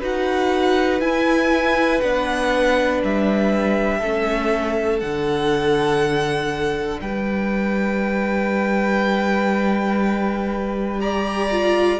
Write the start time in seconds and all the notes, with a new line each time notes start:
0.00 D#4 F#4 B4 F#5
1.01 E4 G#5
2.01 B3 D4 F#5
3.03 G3 E5
3.99 A3 C#4 A4
5.00 D3 D4 F#5
7.01 G3 B4 G5
11.00 G4 D5 A#5
11.51 F4